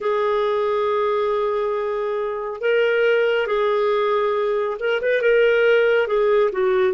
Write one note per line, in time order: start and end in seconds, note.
0.00 2.60 G#4
2.60 3.46 A#4
3.46 4.77 G#4
4.79 5.01 A#4
5.01 5.21 B4
5.21 6.07 A#4
6.07 6.50 G#4
6.52 6.93 F#4